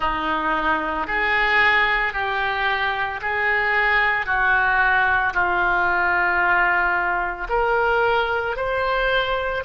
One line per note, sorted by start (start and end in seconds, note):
0.00 1.07 D#4
1.07 2.13 G#4
2.13 3.20 G4
3.21 4.26 G#4
4.26 5.33 F#4
5.33 7.47 F4
7.49 8.56 A#4
8.56 9.63 C5